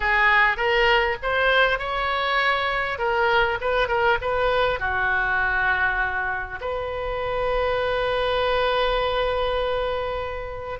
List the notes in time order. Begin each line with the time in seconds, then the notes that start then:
0.00 G#4
0.56 A#4
1.22 C5
1.78 C#5
2.98 A#4
3.60 B4
3.88 A#4
4.21 B4
4.79 F#4
6.60 B4